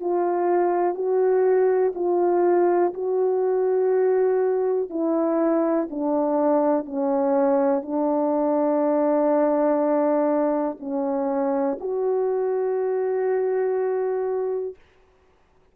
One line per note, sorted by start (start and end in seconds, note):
0.00 0.94 F4
0.94 1.93 F#4
1.94 2.93 F4
2.94 4.90 F#4
4.90 5.88 E4
5.90 6.85 D4
6.85 7.82 C#4
7.82 10.77 D4
10.80 11.78 C#4
11.80 14.75 F#4